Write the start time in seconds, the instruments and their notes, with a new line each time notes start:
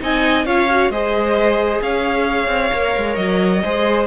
0.00 cello C4, viola D#4, violin D#5 G#5
0.46 cello C#4, viola F4, violin C#5 F5
0.70 viola F#4
0.90 cello G#3, viola G#4, violin C5 D#5
1.82 cello C#4, violin C#5 F5
2.48 cello C4
2.72 cello A#3, viola A#4
2.97 cello G#3
3.16 cello F#3, violin D#5
3.64 cello G#3, viola G#4, violin C5